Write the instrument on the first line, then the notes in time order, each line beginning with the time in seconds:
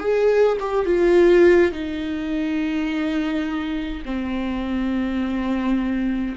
viola
0.00 G#4
0.60 G4
0.86 F4
1.73 D#4
4.05 C4